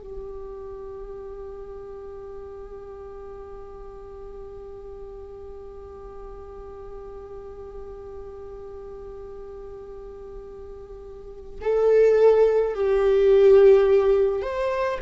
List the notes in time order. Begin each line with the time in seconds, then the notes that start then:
0.00 G4
11.61 A4
12.75 G4
14.42 C5